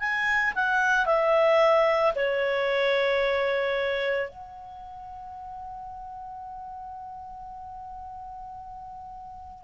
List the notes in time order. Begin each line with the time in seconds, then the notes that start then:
0.00 G#5
0.55 F#5
1.06 E5
2.15 C#5
4.30 F#5